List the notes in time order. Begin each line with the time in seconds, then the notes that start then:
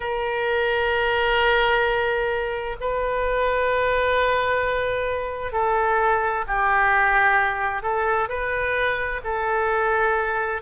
0.00 A#4
2.80 B4
5.52 A4
6.47 G4
7.82 A4
8.28 B4
9.23 A4